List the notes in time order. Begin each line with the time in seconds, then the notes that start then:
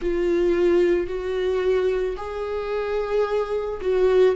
0.01 F4
1.06 F#4
2.16 G#4
3.81 F#4